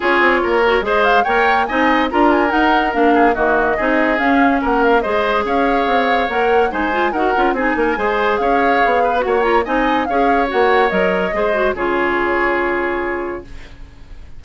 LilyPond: <<
  \new Staff \with { instrumentName = "flute" } { \time 4/4 \tempo 4 = 143 cis''2 dis''8 f''8 g''4 | gis''4 ais''8 gis''8 fis''4 f''4 | dis''2 f''4 fis''8 f''8 | dis''4 f''2 fis''4 |
gis''4 fis''4 gis''2 | f''2 fis''8 ais''8 gis''4 | f''4 fis''4 dis''2 | cis''1 | }
  \new Staff \with { instrumentName = "oboe" } { \time 4/4 gis'4 ais'4 c''4 cis''4 | dis''4 ais'2~ ais'8 gis'8 | fis'4 gis'2 ais'4 | c''4 cis''2. |
c''4 ais'4 gis'8 ais'8 c''4 | cis''4. b'8 cis''4 dis''4 | cis''2. c''4 | gis'1 | }
  \new Staff \with { instrumentName = "clarinet" } { \time 4/4 f'4. fis'8 gis'4 ais'4 | dis'4 f'4 dis'4 d'4 | ais4 dis'4 cis'2 | gis'2. ais'4 |
dis'8 f'8 fis'8 f'8 dis'4 gis'4~ | gis'2 fis'8 f'8 dis'4 | gis'4 fis'4 ais'4 gis'8 fis'8 | f'1 | }
  \new Staff \with { instrumentName = "bassoon" } { \time 4/4 cis'8 c'8 ais4 gis4 ais4 | c'4 d'4 dis'4 ais4 | dis4 c'4 cis'4 ais4 | gis4 cis'4 c'4 ais4 |
gis4 dis'8 cis'8 c'8 ais8 gis4 | cis'4 b4 ais4 c'4 | cis'4 ais4 fis4 gis4 | cis1 | }
>>